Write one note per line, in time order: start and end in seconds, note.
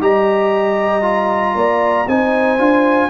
0.00 1.55 G3
0.00 1.02 G4
0.00 1.56 D#5
0.00 2.09 A#5
1.02 2.06 F4
1.55 2.07 A#3
1.55 2.08 D5
2.08 2.59 C4
2.08 2.59 D#4
2.08 3.10 C5
2.08 3.10 G#5
2.59 3.10 D4
2.59 3.10 F4